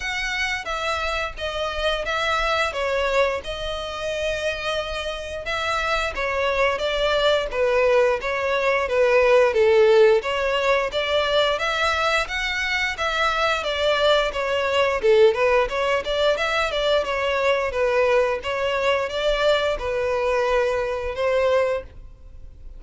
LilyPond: \new Staff \with { instrumentName = "violin" } { \time 4/4 \tempo 4 = 88 fis''4 e''4 dis''4 e''4 | cis''4 dis''2. | e''4 cis''4 d''4 b'4 | cis''4 b'4 a'4 cis''4 |
d''4 e''4 fis''4 e''4 | d''4 cis''4 a'8 b'8 cis''8 d''8 | e''8 d''8 cis''4 b'4 cis''4 | d''4 b'2 c''4 | }